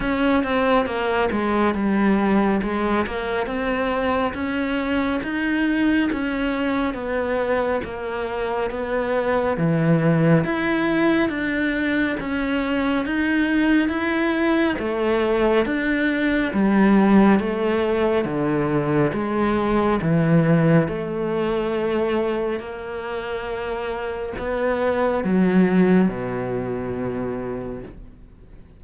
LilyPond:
\new Staff \with { instrumentName = "cello" } { \time 4/4 \tempo 4 = 69 cis'8 c'8 ais8 gis8 g4 gis8 ais8 | c'4 cis'4 dis'4 cis'4 | b4 ais4 b4 e4 | e'4 d'4 cis'4 dis'4 |
e'4 a4 d'4 g4 | a4 d4 gis4 e4 | a2 ais2 | b4 fis4 b,2 | }